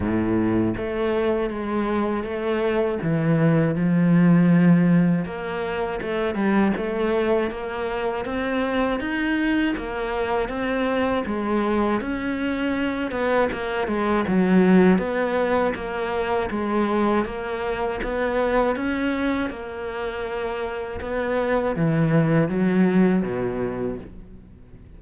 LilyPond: \new Staff \with { instrumentName = "cello" } { \time 4/4 \tempo 4 = 80 a,4 a4 gis4 a4 | e4 f2 ais4 | a8 g8 a4 ais4 c'4 | dis'4 ais4 c'4 gis4 |
cis'4. b8 ais8 gis8 fis4 | b4 ais4 gis4 ais4 | b4 cis'4 ais2 | b4 e4 fis4 b,4 | }